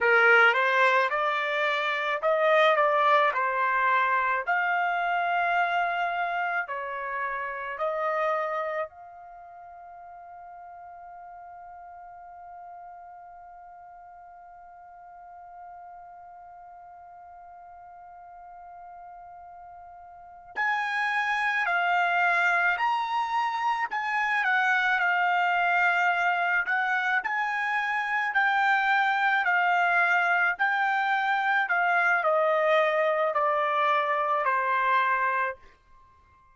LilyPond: \new Staff \with { instrumentName = "trumpet" } { \time 4/4 \tempo 4 = 54 ais'8 c''8 d''4 dis''8 d''8 c''4 | f''2 cis''4 dis''4 | f''1~ | f''1~ |
f''2~ f''8 gis''4 f''8~ | f''8 ais''4 gis''8 fis''8 f''4. | fis''8 gis''4 g''4 f''4 g''8~ | g''8 f''8 dis''4 d''4 c''4 | }